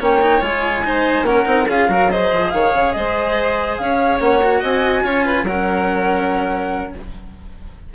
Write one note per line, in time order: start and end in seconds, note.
0.00 0.41 A#3
0.00 0.21 C#4
0.00 0.84 C#5
0.00 0.42 G5
0.21 0.41 D#4
0.41 1.22 G#3
0.41 0.83 F4
0.41 1.25 G#5
0.84 1.26 D#4
0.84 1.27 C5
1.22 1.43 A#3
1.22 1.45 C#4
1.22 1.69 A#4
1.22 1.67 F#5
1.45 1.68 C4
1.45 1.66 D#4
1.68 1.89 C#4
1.68 1.89 F4
1.68 1.90 G#4
1.68 2.11 F5
1.89 2.31 F#3
1.89 2.10 F#4
1.89 2.11 A#4
2.11 4.20 G#4
2.11 2.53 C5
2.11 2.51 D#5
2.33 2.53 F3
2.51 2.74 D#3
2.51 2.95 C#5
2.51 2.92 F5
2.74 2.95 C#3
2.92 3.79 G#3
2.92 3.81 C5
2.92 3.76 D#5
3.77 4.20 C#4
3.77 4.60 C#5
3.77 4.19 F5
4.20 4.62 A#3
4.20 4.41 C#4
4.20 4.62 F#5
4.42 5.04 F#4
4.60 5.03 C4
4.60 5.02 D#5
4.60 5.47 G#5
5.03 5.43 C#4
5.03 5.46 F4
5.03 5.25 C#5
5.25 5.46 B4
5.43 6.90 F#3
5.43 6.95 C#4
5.43 6.93 A#4
5.43 6.93 F#5